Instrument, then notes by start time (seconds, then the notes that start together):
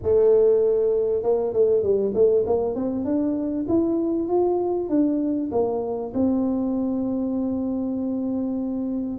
tuba
0.02 A3
1.22 A#3
1.53 A3
1.82 G3
2.14 A3
2.46 A#3
2.75 C4
3.04 D4
3.68 E4
4.28 F4
4.89 D4
5.51 A#3
6.14 C4